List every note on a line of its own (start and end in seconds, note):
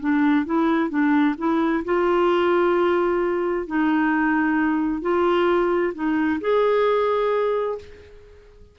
0.00 0.46 D4
0.46 0.90 E4
0.90 1.35 D4
1.38 1.84 E4
1.85 3.67 F4
3.67 5.02 D#4
5.02 5.93 F4
5.94 6.40 D#4
6.41 7.78 G#4